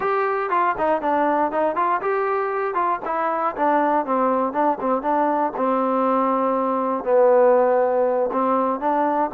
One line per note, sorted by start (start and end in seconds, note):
0.00 0.50 G4
0.50 0.75 F4
0.78 1.01 D#4
1.01 1.51 D4
1.51 1.75 D#4
1.75 2.01 F4
2.01 2.74 G4
2.74 2.99 F4
3.05 3.55 E4
3.56 4.05 D4
4.05 4.52 C4
4.52 4.78 D4
4.80 5.01 C4
5.01 5.52 D4
5.56 7.04 C4
7.04 8.30 B3
8.32 8.80 C4
8.80 9.30 D4